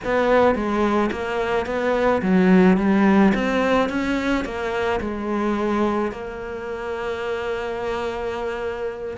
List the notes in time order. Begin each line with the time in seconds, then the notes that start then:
0.04 B3
0.55 G#3
1.11 A#3
1.65 B3
2.21 F#3
2.77 G3
3.34 C4
3.89 C#4
4.44 A#3
5.00 G#3
6.11 A#3